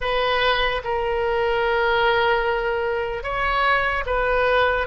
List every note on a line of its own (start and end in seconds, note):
0.00 0.81 B4
0.83 3.22 A#4
3.22 4.04 C#5
4.06 4.87 B4